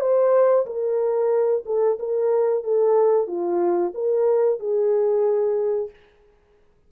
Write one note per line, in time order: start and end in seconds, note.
0.00 0.65 C5
0.66 1.64 A#4
1.65 1.98 A4
1.99 2.63 A#4
2.63 3.27 A4
3.27 3.92 F4
3.94 4.59 A#4
4.59 5.90 G#4